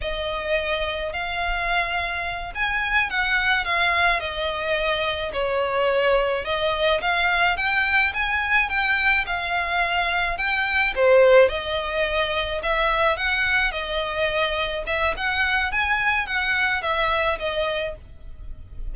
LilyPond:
\new Staff \with { instrumentName = "violin" } { \time 4/4 \tempo 4 = 107 dis''2 f''2~ | f''8 gis''4 fis''4 f''4 dis''8~ | dis''4. cis''2 dis''8~ | dis''8 f''4 g''4 gis''4 g''8~ |
g''8 f''2 g''4 c''8~ | c''8 dis''2 e''4 fis''8~ | fis''8 dis''2 e''8 fis''4 | gis''4 fis''4 e''4 dis''4 | }